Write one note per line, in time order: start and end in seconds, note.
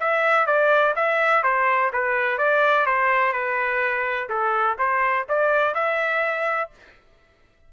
0.00 0.46 E5
0.46 0.94 D5
0.96 1.43 E5
1.43 1.91 C5
1.93 2.38 B4
2.38 2.86 D5
2.86 3.33 C5
3.33 4.29 B4
4.29 4.77 A4
4.78 5.26 C5
5.29 5.74 D5
5.74 6.70 E5